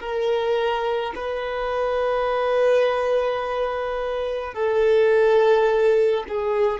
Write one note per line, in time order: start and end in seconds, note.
0.00 1.13 A#4
1.15 4.54 B4
4.54 6.24 A4
6.28 6.80 G#4